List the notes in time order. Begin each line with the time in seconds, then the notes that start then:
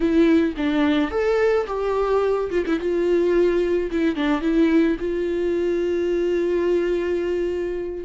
0.00 E4
0.57 D4
1.10 A4
1.67 G4
2.50 F4
2.66 E4
2.79 F4
3.91 E4
4.15 D4
4.41 E4
4.99 F4